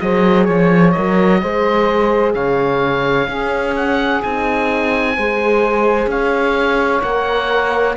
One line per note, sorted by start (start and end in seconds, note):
0.00 0.49 F#3
0.00 0.94 G#4
0.00 0.46 C5
0.00 0.45 D#5
0.45 0.96 F3
0.45 0.91 C#5
0.45 1.40 C#5
0.92 1.43 F#3
0.92 1.41 A#4
0.92 2.32 D#5
1.42 2.35 G#3
1.42 3.29 G#4
1.42 2.34 C5
2.34 3.28 C#3
2.34 3.28 C#5
2.34 3.75 F5
3.28 4.21 C#4
3.28 4.23 C#4
3.28 5.15 G#4
3.76 4.23 F#5
4.23 5.18 C4
4.23 5.18 D#4
4.23 6.10 G#5
5.17 6.07 G#3
5.17 7.02 G#4
5.17 6.09 C5
6.07 7.01 C#4
6.07 7.97 C#5
6.07 7.03 F5
7.02 7.97 A#3
7.02 7.96 A#4
7.02 7.96 F#5